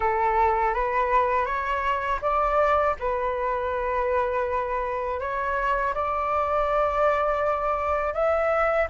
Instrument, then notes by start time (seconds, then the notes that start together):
flute
0.00 A4
0.74 B4
1.45 C#5
2.21 D5
2.99 B4
5.20 C#5
5.94 D5
8.13 E5